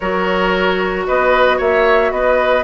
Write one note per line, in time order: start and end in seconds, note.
0.00 1.07 F#3
0.00 2.63 F#4
0.00 1.06 A#4
0.00 1.05 C#5
1.06 1.59 B3
1.06 1.57 B4
1.06 1.59 D#5
1.57 2.11 A#3
1.57 2.10 C#5
1.57 2.11 E5
2.11 2.63 B3
2.11 2.63 B4
2.11 2.63 D#5